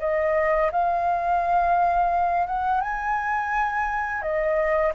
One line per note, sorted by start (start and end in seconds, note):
0.00 0.71 D#5
0.72 2.47 F5
2.47 2.81 F#5
2.81 4.22 G#5
4.22 4.93 D#5